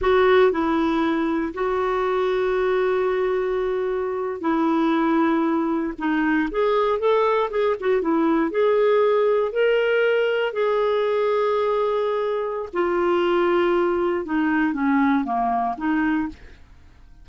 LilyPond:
\new Staff \with { instrumentName = "clarinet" } { \time 4/4 \tempo 4 = 118 fis'4 e'2 fis'4~ | fis'1~ | fis'8. e'2. dis'16~ | dis'8. gis'4 a'4 gis'8 fis'8 e'16~ |
e'8. gis'2 ais'4~ ais'16~ | ais'8. gis'2.~ gis'16~ | gis'4 f'2. | dis'4 cis'4 ais4 dis'4 | }